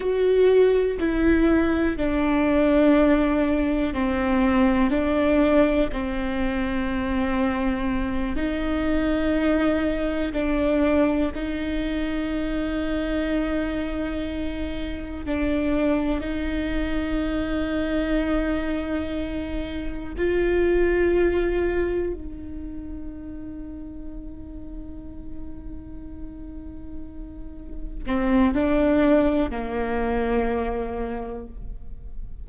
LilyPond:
\new Staff \with { instrumentName = "viola" } { \time 4/4 \tempo 4 = 61 fis'4 e'4 d'2 | c'4 d'4 c'2~ | c'8 dis'2 d'4 dis'8~ | dis'2.~ dis'8 d'8~ |
d'8 dis'2.~ dis'8~ | dis'8 f'2 dis'4.~ | dis'1~ | dis'8 c'8 d'4 ais2 | }